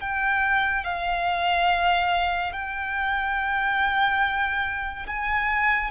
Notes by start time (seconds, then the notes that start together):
0.00 G5
0.84 F5
2.52 G5
5.07 G#5